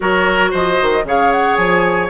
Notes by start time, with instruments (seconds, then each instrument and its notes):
0.00 bassoon F#3, clarinet F#4, oboe A#4, flute C#5
0.51 bassoon F3, oboe C5, flute D#5
0.81 bassoon D#3
1.04 bassoon C#3, clarinet G#4, oboe C#5, flute F5
1.32 flute F#5
1.56 bassoon F3, flute G#5